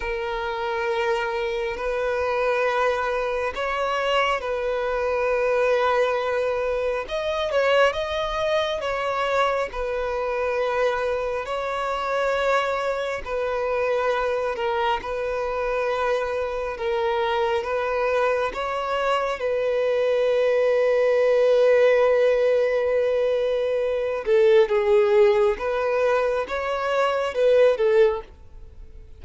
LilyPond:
\new Staff \with { instrumentName = "violin" } { \time 4/4 \tempo 4 = 68 ais'2 b'2 | cis''4 b'2. | dis''8 cis''8 dis''4 cis''4 b'4~ | b'4 cis''2 b'4~ |
b'8 ais'8 b'2 ais'4 | b'4 cis''4 b'2~ | b'2.~ b'8 a'8 | gis'4 b'4 cis''4 b'8 a'8 | }